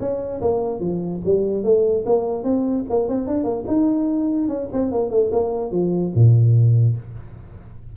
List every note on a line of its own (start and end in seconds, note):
0.00 0.41 C#4
0.41 0.80 A#3
0.80 1.21 F3
1.25 1.63 G3
1.63 2.04 A3
2.06 2.43 A#3
2.43 2.84 C4
2.89 3.08 A#3
3.08 3.27 C4
3.27 3.44 D4
3.44 3.64 A#3
3.67 4.48 D#4
4.48 4.68 C#4
4.73 4.91 C4
4.91 5.10 A#3
5.10 5.31 A3
5.32 5.71 A#3
5.71 6.12 F3
6.15 6.96 A#2